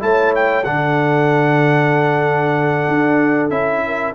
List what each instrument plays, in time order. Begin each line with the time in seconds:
0.00 tuba A3, trombone E4, horn C#5, trumpet A5
0.36 trumpet G5
0.64 tuba D3, trombone D4, horn A4, trumpet F#5
2.88 tuba D4
3.50 tuba C#4, trombone E4, trumpet E5
3.86 horn A#4